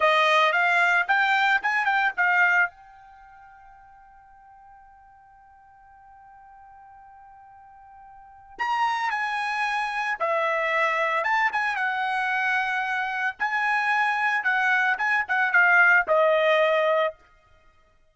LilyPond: \new Staff \with { instrumentName = "trumpet" } { \time 4/4 \tempo 4 = 112 dis''4 f''4 g''4 gis''8 g''8 | f''4 g''2.~ | g''1~ | g''1 |
ais''4 gis''2 e''4~ | e''4 a''8 gis''8 fis''2~ | fis''4 gis''2 fis''4 | gis''8 fis''8 f''4 dis''2 | }